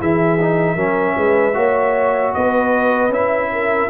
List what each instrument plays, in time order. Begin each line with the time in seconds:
0.00 tuba E3, trombone E4, horn G#4, trumpet E5
0.41 trombone D#4
0.75 tuba F#3, trombone C#4, horn A#4
1.17 tuba G#3, horn B4
1.54 tuba A#3, trombone F#4, horn C#5
2.34 tuba B3, horn B4, trumpet D#5
3.09 tuba C#4, trombone E4, trumpet E5
3.52 horn A#4